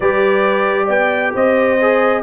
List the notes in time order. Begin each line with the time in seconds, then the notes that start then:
0.00 G3 G4 B4 D5
0.85 B3 D5 G5
1.34 C4 C5 D#5
1.81 G#4